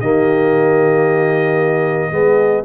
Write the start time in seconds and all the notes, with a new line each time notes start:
0.00 D#3 A#3 G4 D#5
2.11 G#3 B3 G#4